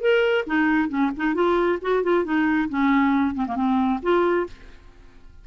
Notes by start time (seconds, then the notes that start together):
0.00 A#4
0.46 D#4
0.88 C#4
1.16 D#4
1.34 F4
1.81 F#4
2.03 F4
2.24 D#4
2.69 C#4
3.35 C4
3.47 A#3
3.55 C4
4.02 F4